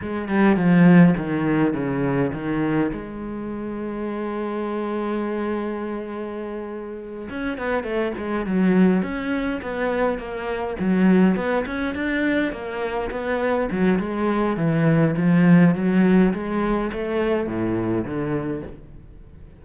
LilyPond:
\new Staff \with { instrumentName = "cello" } { \time 4/4 \tempo 4 = 103 gis8 g8 f4 dis4 cis4 | dis4 gis2.~ | gis1~ | gis8 cis'8 b8 a8 gis8 fis4 cis'8~ |
cis'8 b4 ais4 fis4 b8 | cis'8 d'4 ais4 b4 fis8 | gis4 e4 f4 fis4 | gis4 a4 a,4 d4 | }